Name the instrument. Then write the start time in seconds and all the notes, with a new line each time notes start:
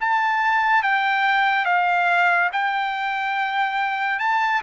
trumpet
0.00 A5
0.82 G5
1.65 F5
2.52 G5
4.19 A5